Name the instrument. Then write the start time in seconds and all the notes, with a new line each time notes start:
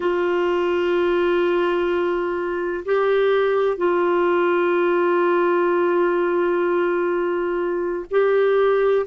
clarinet
0.00 F4
2.85 G4
3.77 F4
8.10 G4